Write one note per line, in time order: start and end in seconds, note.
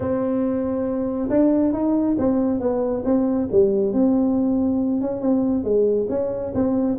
0.00 1.29 C4
1.29 1.73 D4
1.73 2.16 D#4
2.18 2.60 C4
2.60 3.03 B3
3.04 3.48 C4
3.51 3.92 G3
3.92 5.01 C4
5.01 5.21 C#4
5.21 5.63 C4
5.63 6.07 G#3
6.09 6.52 C#4
6.54 6.97 C4